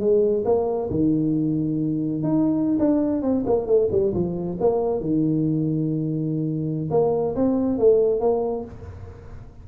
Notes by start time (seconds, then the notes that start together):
0.00 G#3
0.45 A#3
0.90 D#3
2.23 D#4
2.79 D4
3.22 C4
3.46 A#3
3.66 A3
3.91 G3
4.14 F3
4.60 A#3
5.01 D#3
6.91 A#3
7.35 C4
7.79 A3
8.20 A#3